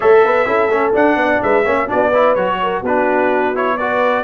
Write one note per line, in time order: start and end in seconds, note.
0.00 0.23 A3
0.00 0.45 A4
0.00 0.23 C#5
0.00 0.93 E5
0.23 0.46 B3
0.23 0.46 B4
0.45 0.70 C#4
0.45 0.69 E4
0.45 1.17 A4
0.70 0.93 A3
0.70 0.93 C#4
0.93 1.64 D4
0.93 1.15 D4
0.93 1.42 F#5
1.15 1.39 B3
1.15 1.43 D5
1.42 1.65 G#3
1.42 1.64 B4
1.42 1.89 E5
1.64 1.89 A#3
1.64 1.87 C#4
1.64 1.88 C#5
1.87 2.36 B3
1.87 2.11 D4
1.87 2.08 F#4
1.87 2.35 D5
2.08 2.37 E4
2.08 2.56 B4
2.35 2.82 F#3
2.35 2.84 F#4
2.35 2.82 C#5
2.62 2.80 A#4
2.80 4.23 B3
2.80 3.75 F#4
2.80 3.56 B4
2.87 3.54 D4
3.54 3.78 E4
3.54 3.77 C#5
3.77 4.24 F#4
3.77 4.24 B4
3.77 4.24 D5